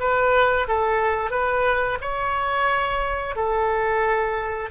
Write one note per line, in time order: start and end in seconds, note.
0.00 0.67 B4
0.68 1.31 A4
1.31 1.98 B4
2.01 3.36 C#5
3.36 4.70 A4